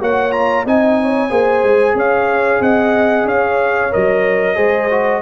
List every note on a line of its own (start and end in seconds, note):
0.00 0.65 A#3
0.00 0.32 F#4
0.00 0.65 C#5
0.00 0.32 F#5
0.32 0.64 F4
0.32 0.64 A#5
0.65 1.30 C4
0.65 1.29 D#4
0.65 0.98 D#5
0.65 1.98 G#5
1.01 1.29 C#5
1.29 1.63 A#3
1.29 3.90 G#4
1.29 1.95 C5
1.63 1.94 G#3
1.94 2.60 C#4
1.94 2.61 C#5
1.94 2.62 F5
2.60 3.25 C4
2.60 3.26 D#5
2.60 3.27 F#5
3.25 3.90 C#4
3.25 4.55 C#5
3.25 3.93 F5
3.90 4.57 F#3
3.90 4.55 A#4
3.90 5.22 D#5
4.55 5.22 G#3
4.55 4.88 G#4
4.55 5.21 C5
4.90 5.22 F#4